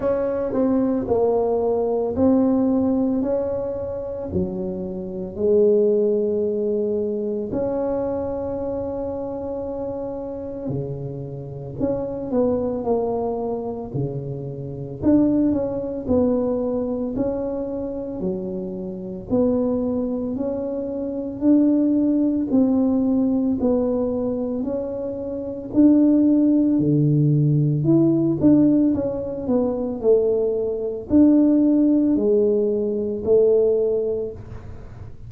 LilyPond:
\new Staff \with { instrumentName = "tuba" } { \time 4/4 \tempo 4 = 56 cis'8 c'8 ais4 c'4 cis'4 | fis4 gis2 cis'4~ | cis'2 cis4 cis'8 b8 | ais4 cis4 d'8 cis'8 b4 |
cis'4 fis4 b4 cis'4 | d'4 c'4 b4 cis'4 | d'4 d4 e'8 d'8 cis'8 b8 | a4 d'4 gis4 a4 | }